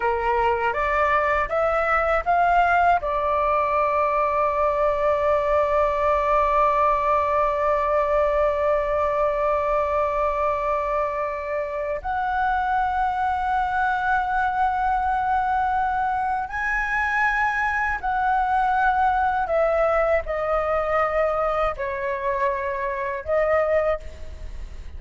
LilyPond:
\new Staff \with { instrumentName = "flute" } { \time 4/4 \tempo 4 = 80 ais'4 d''4 e''4 f''4 | d''1~ | d''1~ | d''1 |
fis''1~ | fis''2 gis''2 | fis''2 e''4 dis''4~ | dis''4 cis''2 dis''4 | }